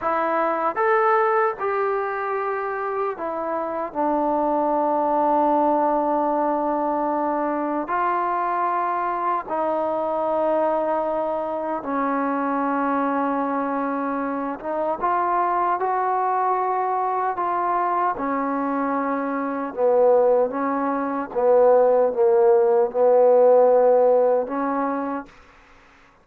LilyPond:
\new Staff \with { instrumentName = "trombone" } { \time 4/4 \tempo 4 = 76 e'4 a'4 g'2 | e'4 d'2.~ | d'2 f'2 | dis'2. cis'4~ |
cis'2~ cis'8 dis'8 f'4 | fis'2 f'4 cis'4~ | cis'4 b4 cis'4 b4 | ais4 b2 cis'4 | }